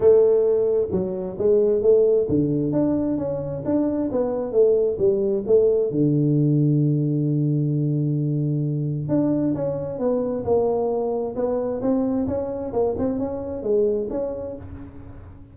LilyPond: \new Staff \with { instrumentName = "tuba" } { \time 4/4 \tempo 4 = 132 a2 fis4 gis4 | a4 d4 d'4 cis'4 | d'4 b4 a4 g4 | a4 d2.~ |
d1 | d'4 cis'4 b4 ais4~ | ais4 b4 c'4 cis'4 | ais8 c'8 cis'4 gis4 cis'4 | }